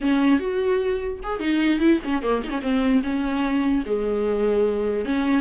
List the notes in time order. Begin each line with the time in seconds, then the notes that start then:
0.00 C#4
0.39 F#4
1.23 G#4
1.39 D#4
1.79 E4
2.04 C#4
2.22 A#3
2.43 D#4
2.50 C#4
2.62 C4
3.03 C#4
3.86 G#3
5.05 C#4